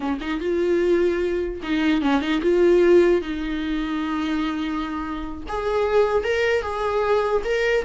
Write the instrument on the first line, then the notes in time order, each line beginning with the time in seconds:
viola
0.00 C#4
0.20 D#4
0.40 F4
1.62 D#4
2.01 C#4
2.21 D#4
2.42 F4
3.21 D#4
5.48 G#4
6.24 A#4
6.61 G#4
7.44 A#4